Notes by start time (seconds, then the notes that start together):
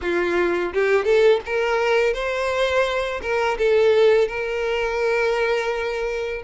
0.01 F4
0.73 G4
1.05 A4
1.45 A#4
2.13 C5
3.21 A#4
3.57 A4
4.28 A#4